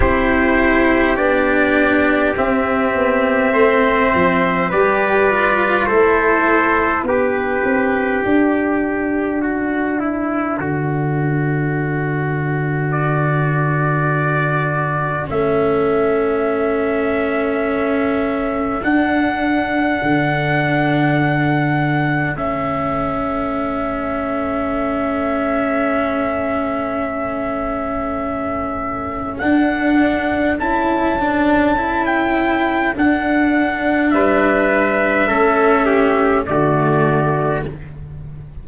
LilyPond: <<
  \new Staff \with { instrumentName = "trumpet" } { \time 4/4 \tempo 4 = 51 c''4 d''4 e''2 | d''4 c''4 b'4 a'4~ | a'2. d''4~ | d''4 e''2. |
fis''2. e''4~ | e''1~ | e''4 fis''4 a''4~ a''16 g''8. | fis''4 e''2 d''4 | }
  \new Staff \with { instrumentName = "trumpet" } { \time 4/4 g'2. c''4 | b'4 a'4 g'2 | fis'8 e'8 fis'2.~ | fis'4 a'2.~ |
a'1~ | a'1~ | a'1~ | a'4 b'4 a'8 g'8 fis'4 | }
  \new Staff \with { instrumentName = "cello" } { \time 4/4 e'4 d'4 c'2 | g'8 f'8 e'4 d'2~ | d'1~ | d'4 cis'2. |
d'2. cis'4~ | cis'1~ | cis'4 d'4 e'8 d'8 e'4 | d'2 cis'4 a4 | }
  \new Staff \with { instrumentName = "tuba" } { \time 4/4 c'4 b4 c'8 b8 a8 f8 | g4 a4 b8 c'8 d'4~ | d'4 d2.~ | d4 a2. |
d'4 d2 a4~ | a1~ | a4 d'4 cis'2 | d'4 g4 a4 d4 | }
>>